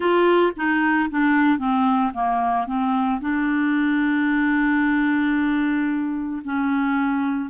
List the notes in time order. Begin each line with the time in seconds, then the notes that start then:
0.00 F4
0.56 D#4
1.10 D4
1.58 C4
2.13 A#3
2.66 C4
3.20 D4
6.44 C#4